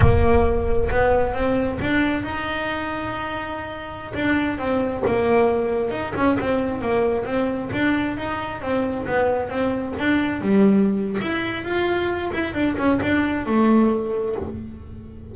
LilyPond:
\new Staff \with { instrumentName = "double bass" } { \time 4/4 \tempo 4 = 134 ais2 b4 c'4 | d'4 dis'2.~ | dis'4~ dis'16 d'4 c'4 ais8.~ | ais4~ ais16 dis'8 cis'8 c'4 ais8.~ |
ais16 c'4 d'4 dis'4 c'8.~ | c'16 b4 c'4 d'4 g8.~ | g4 e'4 f'4. e'8 | d'8 cis'8 d'4 a2 | }